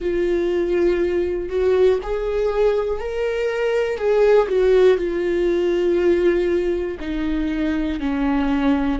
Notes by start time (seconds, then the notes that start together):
0.00 F4
1.49 F#4
2.02 G#4
3.00 A#4
3.97 G#4
4.48 F#4
4.97 F4
7.00 D#4
8.00 C#4